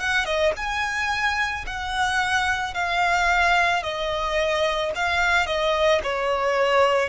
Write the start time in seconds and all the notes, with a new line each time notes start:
0.00 F#5
0.25 D#5
0.57 G#5
1.67 F#5
2.74 F5
3.83 D#5
4.95 F5
5.47 D#5
6.03 C#5